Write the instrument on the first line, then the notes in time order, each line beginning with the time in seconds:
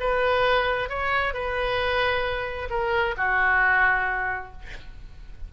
oboe
0.00 B4
0.89 C#5
1.33 B4
2.70 A#4
3.17 F#4